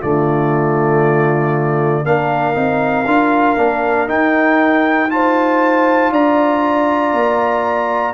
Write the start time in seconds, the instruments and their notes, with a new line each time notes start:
0.00 tuba D3, trombone A3, horn F4, trumpet D5
2.04 tuba A#3, trombone D4, horn A#4, trumpet F5
2.53 tuba C4, trombone D#4
3.06 tuba D4, trombone F4
3.56 tuba A#3, trombone D4
4.07 trombone D#4, tuba D#4, trumpet G5
5.08 trombone F4, horn C5, trumpet A5
6.11 tuba D4, horn D5, trumpet A#5
7.12 tuba A#3